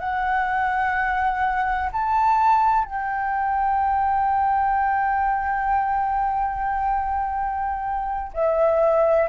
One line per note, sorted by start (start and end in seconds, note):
0.00 1.90 F#5
1.93 2.85 A5
2.85 8.32 G5
8.34 9.29 E5